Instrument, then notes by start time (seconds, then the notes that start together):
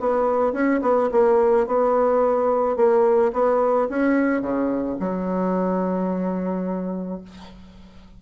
bassoon
0.00 B3
0.53 C#4
0.82 B3
1.12 A#3
1.67 B3
2.77 A#3
3.33 B3
3.89 C#4
4.41 C#3
4.99 F#3